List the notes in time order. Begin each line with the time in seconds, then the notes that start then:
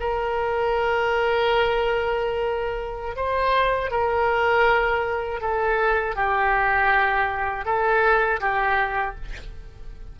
0.00 A#4
3.16 C5
3.91 A#4
5.41 A4
6.16 G4
7.65 A4
8.40 G4